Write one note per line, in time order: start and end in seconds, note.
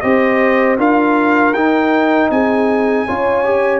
0.00 0.78 C4
0.00 0.78 G4
0.00 0.78 C5
0.00 0.76 D#5
0.78 1.53 D4
0.78 1.54 F4
0.78 2.30 A#4
0.78 1.53 F5
1.53 2.29 D#4
1.53 3.07 D#4
1.53 2.29 G5
2.30 3.06 C4
2.30 3.06 G#4
2.30 3.80 G#5
3.06 3.80 C#4
3.06 3.44 F4
3.06 3.80 C#5
3.44 3.80 G4